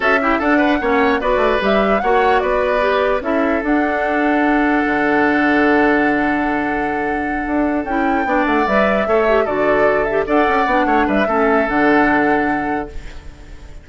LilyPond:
<<
  \new Staff \with { instrumentName = "flute" } { \time 4/4 \tempo 4 = 149 e''4 fis''2 d''4 | e''4 fis''4 d''2 | e''4 fis''2.~ | fis''1~ |
fis''2.~ fis''8 g''8~ | g''4 fis''8 e''2 d''8~ | d''4 e''8 fis''2 e''8~ | e''4 fis''2. | }
  \new Staff \with { instrumentName = "oboe" } { \time 4/4 a'8 g'8 a'8 b'8 cis''4 b'4~ | b'4 cis''4 b'2 | a'1~ | a'1~ |
a'1~ | a'8 d''2 cis''4 a'8~ | a'4. d''4. cis''8 b'8 | a'1 | }
  \new Staff \with { instrumentName = "clarinet" } { \time 4/4 fis'8 e'8 d'4 cis'4 fis'4 | g'4 fis'2 g'4 | e'4 d'2.~ | d'1~ |
d'2.~ d'8 e'8~ | e'8 d'4 b'4 a'8 g'8 fis'8~ | fis'4 g'8 a'4 d'4. | cis'4 d'2. | }
  \new Staff \with { instrumentName = "bassoon" } { \time 4/4 cis'4 d'4 ais4 b8 a8 | g4 ais4 b2 | cis'4 d'2. | d1~ |
d2~ d8 d'4 cis'8~ | cis'8 b8 a8 g4 a4 d8~ | d4. d'8 cis'8 b8 a8 g8 | a4 d2. | }
>>